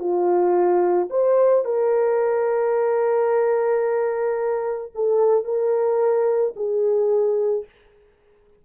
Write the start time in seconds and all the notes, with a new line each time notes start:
0.00 F4
1.10 C5
1.65 A#4
4.95 A4
5.45 A#4
6.57 G#4